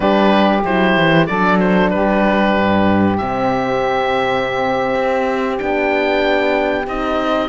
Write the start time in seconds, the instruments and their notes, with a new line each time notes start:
0.00 cello G3, horn D4, saxophone G4, oboe B4
0.64 cello F#3, horn E4, oboe C5
0.97 cello E3
1.26 cello F#3, horn D4, saxophone A4, oboe D5
1.59 oboe C5
1.90 cello G3, saxophone G4, oboe B4
2.57 cello G2
3.17 cello C3, horn C4, oboe E5
4.94 cello C4
5.58 cello B3, horn D4, oboe G5
6.87 cello C4, horn D#4, oboe D#5